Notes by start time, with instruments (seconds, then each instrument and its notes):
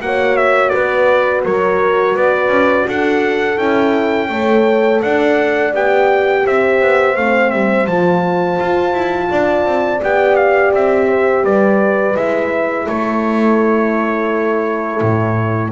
0.00 double bass A#3, horn F#4 C#5, trumpet F#5
0.37 trumpet E5
0.69 double bass B3, horn B4, trumpet D5
1.44 double bass F#3, horn A#4, trumpet C#5
2.15 double bass B3, horn B4, trumpet D5
2.47 double bass C#4
2.87 double bass D4, horn A4, trumpet F#5
3.57 double bass C#4, horn E4, trumpet G5
4.29 double bass A3, horn A4 C#5
5.02 double bass D4, horn D5, trumpet F#5
5.74 double bass B3, horn G4, trumpet G5
6.45 double bass C4, horn C5, trumpet E5
6.81 double bass B3
7.16 double bass A3, horn C4, trumpet F5
7.50 double bass G3, trumpet E5
7.87 double bass F3, horn F4, trumpet A5
8.60 double bass F4
8.93 double bass E4
9.30 double bass D4, horn D5
9.65 double bass C4
10.01 double bass B3, horn G4, trumpet G5
10.36 trumpet F5
10.73 double bass C4, trumpet E5
11.08 horn C5
11.44 double bass G3, horn B4, trumpet D5
12.15 double bass G#3, horn E4, trumpet E5
12.87 double bass A3, horn A4, trumpet C#5
15.01 double bass A2